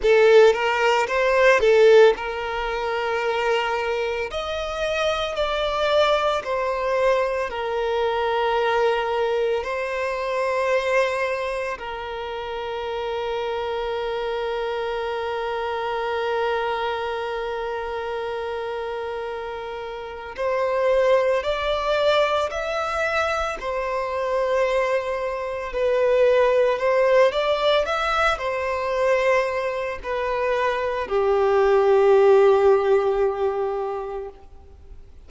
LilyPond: \new Staff \with { instrumentName = "violin" } { \time 4/4 \tempo 4 = 56 a'8 ais'8 c''8 a'8 ais'2 | dis''4 d''4 c''4 ais'4~ | ais'4 c''2 ais'4~ | ais'1~ |
ais'2. c''4 | d''4 e''4 c''2 | b'4 c''8 d''8 e''8 c''4. | b'4 g'2. | }